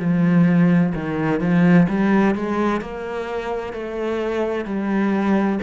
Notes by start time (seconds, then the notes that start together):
0.00 F3
0.95 D#3
1.41 F3
1.89 G3
2.36 G#3
2.81 A#3
3.73 A3
4.66 G3